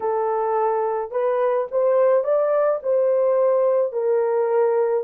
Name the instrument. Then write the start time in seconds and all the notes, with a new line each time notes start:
horn
0.00 A4
1.11 B4
1.71 C5
2.24 D5
2.83 C5
3.92 A#4